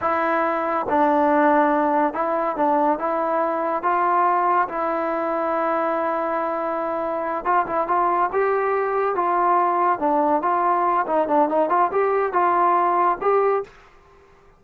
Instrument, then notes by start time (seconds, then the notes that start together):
trombone
0.01 E4
0.89 D4
2.13 E4
2.56 D4
2.98 E4
3.83 F4
4.68 E4
7.44 F4
7.66 E4
7.87 F4
8.32 G4
9.15 F4
9.99 D4
10.42 F4
11.06 D#4
11.27 D4
11.48 D#4
11.69 F4
11.91 G4
12.32 F4
13.21 G4